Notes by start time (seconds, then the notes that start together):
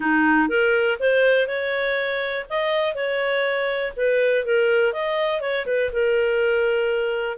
0.00 D#4
0.48 A#4
0.99 C5
1.47 C#5
2.49 D#5
2.94 C#5
3.96 B4
4.45 A#4
4.92 D#5
5.41 C#5
5.66 B4
5.92 A#4